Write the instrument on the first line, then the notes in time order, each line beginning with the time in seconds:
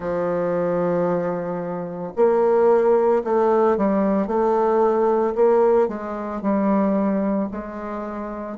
bassoon
0.00 F3
2.15 A#3
3.24 A3
3.77 G3
4.27 A3
5.35 A#3
5.87 G#3
6.41 G3
7.50 G#3